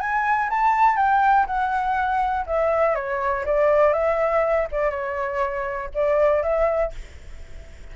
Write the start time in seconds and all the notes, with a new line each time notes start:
0.00 G#5
0.50 A5
0.96 G5
1.47 F#5
2.46 E5
2.95 C#5
3.46 D5
3.93 E5
4.72 D5
4.90 C#5
5.94 D5
6.43 E5